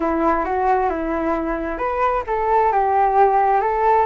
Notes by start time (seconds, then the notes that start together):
0.00 E4
0.44 F#4
0.89 E4
1.78 B4
2.27 A4
2.71 G4
3.60 A4